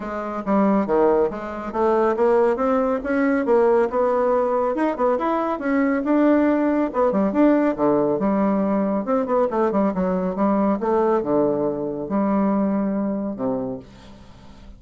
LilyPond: \new Staff \with { instrumentName = "bassoon" } { \time 4/4 \tempo 4 = 139 gis4 g4 dis4 gis4 | a4 ais4 c'4 cis'4 | ais4 b2 dis'8 b8 | e'4 cis'4 d'2 |
b8 g8 d'4 d4 g4~ | g4 c'8 b8 a8 g8 fis4 | g4 a4 d2 | g2. c4 | }